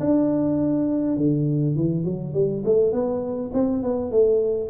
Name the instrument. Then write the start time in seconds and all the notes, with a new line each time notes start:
tuba
0.00 D4
1.17 D3
1.76 E3
2.05 F#3
2.34 G3
2.65 A3
2.93 B3
3.54 C4
3.83 B3
4.11 A3